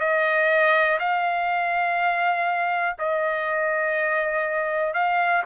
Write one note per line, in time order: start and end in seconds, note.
0.00 0.98 D#5
0.99 2.96 F5
2.99 4.94 D#5
4.94 5.43 F5